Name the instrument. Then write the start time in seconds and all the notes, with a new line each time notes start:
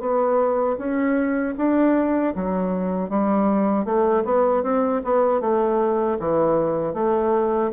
bassoon
0.00 B3
0.78 C#4
1.58 D4
2.36 F#3
3.09 G3
3.85 A3
4.24 B3
4.63 C4
5.05 B3
5.41 A3
6.20 E3
6.94 A3